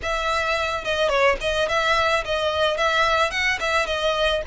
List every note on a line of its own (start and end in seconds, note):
0.02 0.84 E5
0.84 1.08 D#5
1.08 1.36 C#5
1.40 1.68 D#5
1.68 2.23 E5
2.24 2.77 D#5
2.77 3.31 E5
3.31 3.58 F#5
3.60 3.86 E5
3.86 4.42 D#5